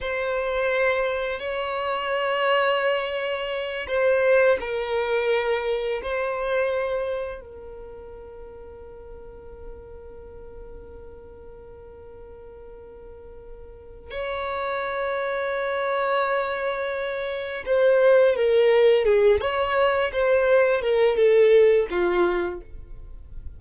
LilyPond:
\new Staff \with { instrumentName = "violin" } { \time 4/4 \tempo 4 = 85 c''2 cis''2~ | cis''4. c''4 ais'4.~ | ais'8 c''2 ais'4.~ | ais'1~ |
ais'1 | cis''1~ | cis''4 c''4 ais'4 gis'8 cis''8~ | cis''8 c''4 ais'8 a'4 f'4 | }